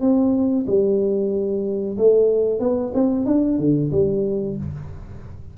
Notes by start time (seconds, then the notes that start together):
0.00 C4
0.66 G3
1.97 A3
2.60 B3
2.94 C4
3.25 D4
3.58 D3
3.92 G3